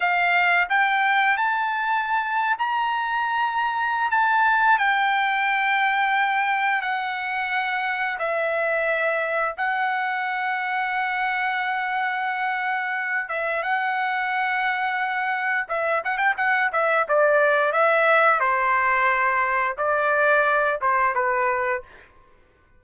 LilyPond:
\new Staff \with { instrumentName = "trumpet" } { \time 4/4 \tempo 4 = 88 f''4 g''4 a''4.~ a''16 ais''16~ | ais''2 a''4 g''4~ | g''2 fis''2 | e''2 fis''2~ |
fis''2.~ fis''8 e''8 | fis''2. e''8 fis''16 g''16 | fis''8 e''8 d''4 e''4 c''4~ | c''4 d''4. c''8 b'4 | }